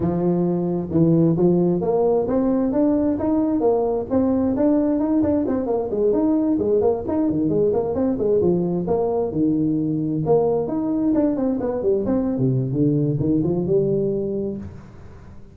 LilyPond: \new Staff \with { instrumentName = "tuba" } { \time 4/4 \tempo 4 = 132 f2 e4 f4 | ais4 c'4 d'4 dis'4 | ais4 c'4 d'4 dis'8 d'8 | c'8 ais8 gis8 dis'4 gis8 ais8 dis'8 |
dis8 gis8 ais8 c'8 gis8 f4 ais8~ | ais8 dis2 ais4 dis'8~ | dis'8 d'8 c'8 b8 g8 c'8. c8. | d4 dis8 f8 g2 | }